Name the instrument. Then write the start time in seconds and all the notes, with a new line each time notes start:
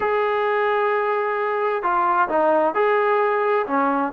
trombone
0.00 G#4
1.82 F4
2.29 D#4
2.74 G#4
3.66 C#4